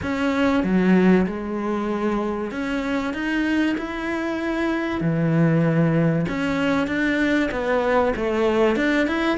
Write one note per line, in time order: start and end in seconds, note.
0.02 0.63 C#4
0.63 1.26 F#3
1.26 2.51 G#3
2.51 3.13 C#4
3.13 3.76 D#4
3.77 5.00 E4
5.00 6.25 E3
6.28 6.87 C#4
6.87 7.49 D4
7.51 8.13 B3
8.16 8.76 A3
8.76 9.07 D4
9.07 9.38 E4